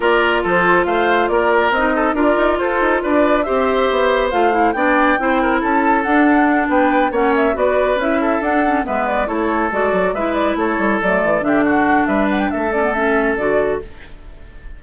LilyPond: <<
  \new Staff \with { instrumentName = "flute" } { \time 4/4 \tempo 4 = 139 d''4 c''4 f''4 d''4 | dis''4 d''4 c''4 d''4 | e''2 f''4 g''4~ | g''4 a''4 fis''4. g''8~ |
g''8 fis''8 e''8 d''4 e''4 fis''8~ | fis''8 e''8 d''8 cis''4 d''4 e''8 | d''8 cis''4 d''4 e''8 fis''4 | e''8 fis''16 g''16 e''8 d''8 e''4 d''4 | }
  \new Staff \with { instrumentName = "oboe" } { \time 4/4 ais'4 a'4 c''4 ais'4~ | ais'8 a'8 ais'4 a'4 b'4 | c''2. d''4 | c''8 ais'8 a'2~ a'8 b'8~ |
b'8 cis''4 b'4. a'4~ | a'8 b'4 a'2 b'8~ | b'8 a'2 g'8 fis'4 | b'4 a'2. | }
  \new Staff \with { instrumentName = "clarinet" } { \time 4/4 f'1 | dis'4 f'2. | g'2 f'8 e'8 d'4 | e'2 d'2~ |
d'8 cis'4 fis'4 e'4 d'8 | cis'8 b4 e'4 fis'4 e'8~ | e'4. a4 d'4.~ | d'4. cis'16 b16 cis'4 fis'4 | }
  \new Staff \with { instrumentName = "bassoon" } { \time 4/4 ais4 f4 a4 ais4 | c'4 d'8 dis'8 f'8 dis'8 d'4 | c'4 b4 a4 b4 | c'4 cis'4 d'4. b8~ |
b8 ais4 b4 cis'4 d'8~ | d'8 gis4 a4 gis8 fis8 gis8~ | gis8 a8 g8 fis8 e8 d4. | g4 a2 d4 | }
>>